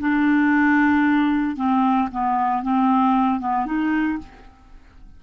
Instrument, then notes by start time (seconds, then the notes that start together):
clarinet
0.00 D4
1.56 C4
2.11 B3
2.63 C4
3.40 B3
3.66 D#4